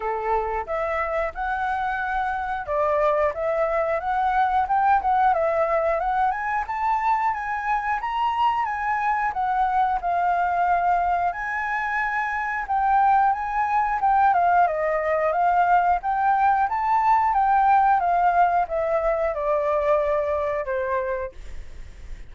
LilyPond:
\new Staff \with { instrumentName = "flute" } { \time 4/4 \tempo 4 = 90 a'4 e''4 fis''2 | d''4 e''4 fis''4 g''8 fis''8 | e''4 fis''8 gis''8 a''4 gis''4 | ais''4 gis''4 fis''4 f''4~ |
f''4 gis''2 g''4 | gis''4 g''8 f''8 dis''4 f''4 | g''4 a''4 g''4 f''4 | e''4 d''2 c''4 | }